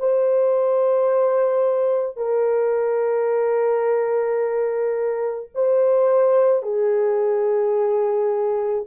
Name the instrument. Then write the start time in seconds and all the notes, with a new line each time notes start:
horn
0.00 C5
2.17 A#4
5.55 C5
6.63 G#4